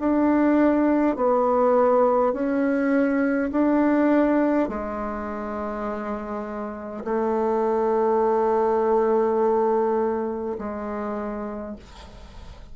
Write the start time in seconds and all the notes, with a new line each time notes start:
0.00 D4
1.16 B3
2.33 C#4
3.52 D4
4.68 G#3
7.04 A3
10.58 G#3